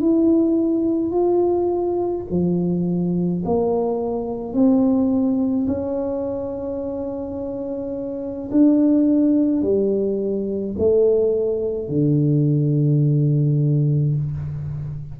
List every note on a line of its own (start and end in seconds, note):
0.00 1.11 E4
1.11 2.24 F4
2.30 3.43 F3
3.45 4.53 A#3
4.53 5.66 C4
5.67 8.50 C#4
8.51 9.62 D4
9.62 10.75 G3
10.78 11.88 A3
11.88 14.14 D3